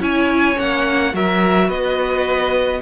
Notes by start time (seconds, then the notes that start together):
0.00 C#4 E4 C#5 G#5
0.56 A#3 C#4 F#5
1.14 F#3 F#4 A#4 E5
1.68 B3 B4 D#5